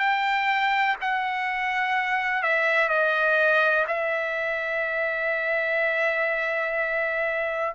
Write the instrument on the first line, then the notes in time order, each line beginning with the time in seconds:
trumpet
0.00 G5
1.02 F#5
2.43 E5
2.89 D#5
3.88 E5